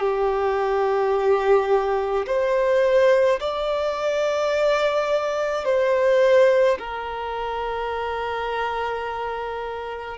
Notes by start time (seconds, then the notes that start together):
0.00 G4
2.27 C5
3.40 D5
5.65 C5
6.79 A#4